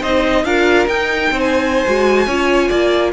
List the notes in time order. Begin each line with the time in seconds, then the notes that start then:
0.00 C4 D#4 C5 D#5
0.44 D4 F4 A#4 F5
0.87 D#4 G5
1.30 C4 C5
1.40 G#5
1.85 G#3 F#4
2.26 C#4 F4 C#5
2.68 A#3 D5